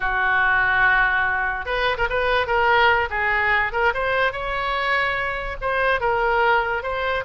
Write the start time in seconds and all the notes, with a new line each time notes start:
0.00 F#4
1.65 B4
1.97 A#4
2.09 B4
2.46 A#4
3.10 G#4
3.72 A#4
3.93 C5
4.32 C#5
5.61 C5
6.00 A#4
6.83 C5